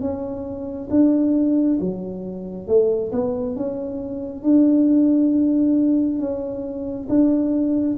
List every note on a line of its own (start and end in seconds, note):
0.00 0.88 C#4
0.90 1.78 D4
1.80 2.67 F#3
2.67 3.11 A3
3.12 3.56 B3
3.56 4.42 C#4
4.42 6.18 D4
6.18 7.07 C#4
7.09 7.97 D4